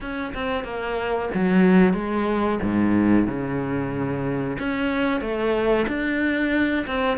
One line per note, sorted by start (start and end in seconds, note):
0.00 0.33 C#4
0.33 0.63 C4
0.63 1.29 A#3
1.34 1.93 F#3
1.93 2.58 G#3
2.62 3.27 G#2
3.27 4.57 C#3
4.59 5.20 C#4
5.20 5.85 A3
5.88 6.85 D4
6.87 7.17 C4